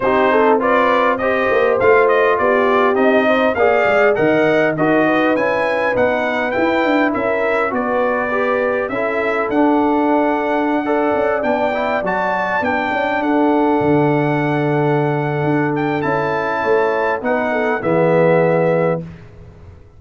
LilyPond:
<<
  \new Staff \with { instrumentName = "trumpet" } { \time 4/4 \tempo 4 = 101 c''4 d''4 dis''4 f''8 dis''8 | d''4 dis''4 f''4 fis''4 | dis''4 gis''4 fis''4 g''4 | e''4 d''2 e''4 |
fis''2.~ fis''16 g''8.~ | g''16 a''4 g''4 fis''4.~ fis''16~ | fis''2~ fis''8 g''8 a''4~ | a''4 fis''4 e''2 | }
  \new Staff \with { instrumentName = "horn" } { \time 4/4 g'8 a'8 b'4 c''2 | g'4. c''8 d''4 dis''4 | ais'8 b'2.~ b'8 | ais'4 b'2 a'4~ |
a'2~ a'16 d''4.~ d''16~ | d''2~ d''16 a'4.~ a'16~ | a'1 | cis''4 b'8 a'8 gis'2 | }
  \new Staff \with { instrumentName = "trombone" } { \time 4/4 dis'4 f'4 g'4 f'4~ | f'4 dis'4 gis'4 ais'4 | fis'4 e'4 dis'4 e'4~ | e'4 fis'4 g'4 e'4 |
d'2~ d'16 a'4 d'8 e'16~ | e'16 fis'4 d'2~ d'8.~ | d'2. e'4~ | e'4 dis'4 b2 | }
  \new Staff \with { instrumentName = "tuba" } { \time 4/4 c'2~ c'8 ais8 a4 | b4 c'4 ais8 gis8 dis4 | dis'4 cis'4 b4 e'8 d'8 | cis'4 b2 cis'4 |
d'2~ d'8. cis'8 b8.~ | b16 fis4 b8 cis'8 d'4 d8.~ | d2 d'4 cis'4 | a4 b4 e2 | }
>>